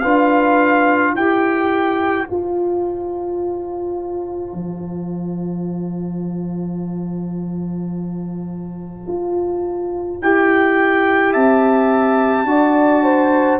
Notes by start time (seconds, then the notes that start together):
0.00 D4 F4 B4 F5
1.13 E4 G4 C5 G5
2.26 F4 A5
4.53 F3
9.07 F4
10.21 E4 G4 G5
11.31 C4 E5 A5
12.44 D4 F#4 D5
13.03 C5